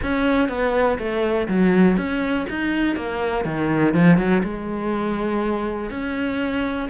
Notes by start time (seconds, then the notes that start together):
0.02 C#4
0.49 B3
0.98 A3
1.48 F#3
1.97 C#4
2.49 D#4
2.96 A#3
3.44 D#3
3.94 F3
4.17 F#3
4.43 G#3
5.90 C#4